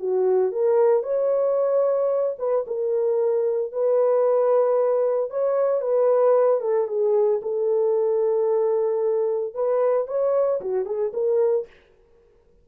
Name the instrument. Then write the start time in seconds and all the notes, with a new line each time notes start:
horn
0.00 F#4
0.52 A#4
1.04 C#5
2.39 B4
2.68 A#4
3.72 B4
5.31 C#5
5.82 B4
6.61 A4
6.88 G#4
7.42 A4
9.55 B4
10.08 C#5
10.61 F#4
10.86 G#4
11.14 A#4